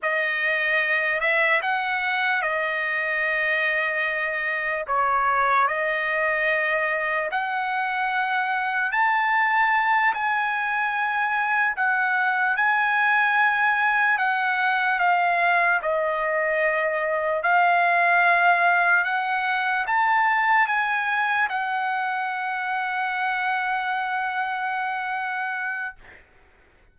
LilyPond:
\new Staff \with { instrumentName = "trumpet" } { \time 4/4 \tempo 4 = 74 dis''4. e''8 fis''4 dis''4~ | dis''2 cis''4 dis''4~ | dis''4 fis''2 a''4~ | a''8 gis''2 fis''4 gis''8~ |
gis''4. fis''4 f''4 dis''8~ | dis''4. f''2 fis''8~ | fis''8 a''4 gis''4 fis''4.~ | fis''1 | }